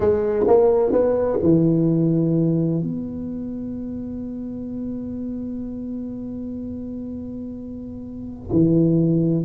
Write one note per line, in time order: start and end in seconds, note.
0.00 0.46 G#3
0.47 0.91 A#3
0.91 1.39 B3
1.42 2.82 E3
2.82 8.49 B3
8.51 9.44 E3